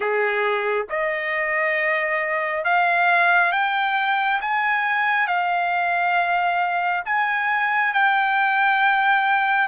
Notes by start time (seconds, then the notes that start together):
0.00 G#4
0.89 D#5
2.64 F5
3.52 G5
4.41 G#5
5.27 F5
7.05 G#5
7.93 G5